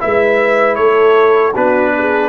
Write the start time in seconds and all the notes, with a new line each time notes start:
0.00 G#3 E4 B4 E5
0.76 A3 A4 C#5
1.54 B3 D4 F#4 B4
1.97 G#4